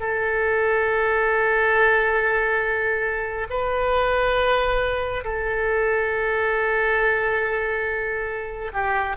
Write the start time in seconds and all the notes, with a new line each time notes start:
0.00 A4
3.50 B4
5.25 A4
8.73 G4